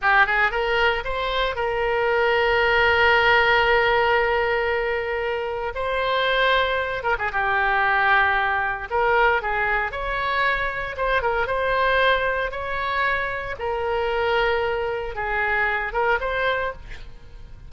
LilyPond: \new Staff \with { instrumentName = "oboe" } { \time 4/4 \tempo 4 = 115 g'8 gis'8 ais'4 c''4 ais'4~ | ais'1~ | ais'2. c''4~ | c''4. ais'16 gis'16 g'2~ |
g'4 ais'4 gis'4 cis''4~ | cis''4 c''8 ais'8 c''2 | cis''2 ais'2~ | ais'4 gis'4. ais'8 c''4 | }